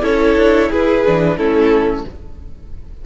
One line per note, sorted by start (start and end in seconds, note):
0.00 0.35 C#4
0.00 1.01 E4
0.00 0.69 A4
0.00 0.71 C#5
0.35 0.69 D4
0.69 1.05 E4
0.69 1.37 G#4
0.69 1.37 B4
1.05 1.37 E3
1.05 1.38 D4
1.37 2.04 A3
1.37 2.05 C#4
1.37 2.05 E4
1.37 2.04 A4